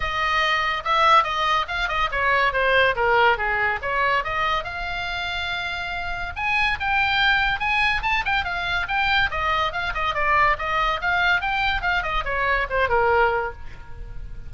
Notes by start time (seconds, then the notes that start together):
0.00 D#5
0.84 E5
1.23 D#5
1.68 F5
1.88 D#5
2.11 C#5
2.52 C5
2.95 A#4
3.37 G#4
3.82 C#5
4.24 D#5
4.64 F5
6.36 G#5
6.80 G5
7.59 G#5
8.02 A5
8.25 G5
8.44 F5
8.87 G5
9.30 D#5
9.72 F5
9.94 D#5
10.14 D5
10.58 D#5
11.01 F5
11.41 G5
11.81 F5
12.02 D#5
12.24 C#5
12.69 C5
12.89 A#4